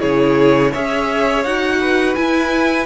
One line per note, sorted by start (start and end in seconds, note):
0.00 0.74 C#3
0.00 0.71 E4
0.00 0.72 G#4
0.00 0.73 C#5
0.72 1.45 C#4
0.72 1.46 G#4
0.72 1.79 C#5
0.72 1.44 E5
1.44 2.17 D#4
1.44 2.17 F#4
1.44 2.16 F#5
1.81 2.87 B4
2.16 2.87 E4
2.16 2.87 G#5